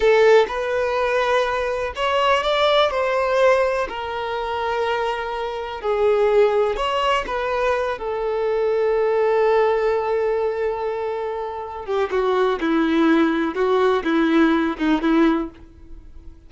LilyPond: \new Staff \with { instrumentName = "violin" } { \time 4/4 \tempo 4 = 124 a'4 b'2. | cis''4 d''4 c''2 | ais'1 | gis'2 cis''4 b'4~ |
b'8 a'2.~ a'8~ | a'1~ | a'8 g'8 fis'4 e'2 | fis'4 e'4. dis'8 e'4 | }